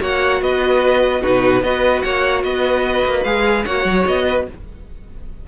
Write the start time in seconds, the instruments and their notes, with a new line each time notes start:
0.00 cello A#3, viola F#4, violin C#5 F#5
0.41 cello B3, violin B4 D#5
1.21 cello B2, viola D#4, violin F#4 B4
1.62 cello B3, viola F#4, violin B4 D#5
2.01 cello A#3, violin C#5 F#5
2.43 cello B3, violin B4 D#5
3.05 cello A#3
3.24 cello G#3, viola G#4, violin F5
3.65 cello A#3, viola F#4, violin C#5 F#5
3.84 cello F#3
4.06 cello B3, violin D#5
4.27 violin B4